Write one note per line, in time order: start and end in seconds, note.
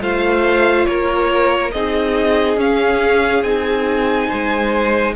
0.00 0.86 A3
0.00 1.71 F4
0.00 0.87 C5
0.00 0.85 F5
0.85 1.73 A#3
0.85 1.74 A#4
0.85 1.71 C#5
1.71 2.57 C4
1.71 2.57 D#4
1.71 4.28 G#4
1.71 2.57 D#5
2.57 3.42 C#4
2.57 3.43 F5
3.42 4.28 C4
3.42 5.15 D#4
3.42 5.15 G#5
4.28 5.15 G#3
4.28 5.14 C5